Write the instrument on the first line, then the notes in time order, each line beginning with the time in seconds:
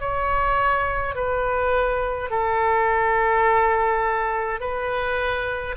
oboe
0.00 C#5
1.15 B4
2.30 A4
4.60 B4